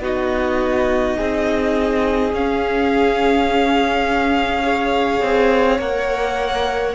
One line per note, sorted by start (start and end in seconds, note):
0.00 1.15 B3
0.00 2.33 D#4
0.00 1.17 F#4
0.00 2.34 D#5
1.17 2.33 C4
1.17 4.63 G#4
2.33 5.21 C#4
2.33 4.63 C#4
2.33 5.81 F5
4.63 5.78 G#4
4.63 6.95 C#5
5.22 5.79 C4
5.79 6.94 A#3
5.79 6.95 A#4
5.79 6.95 F#5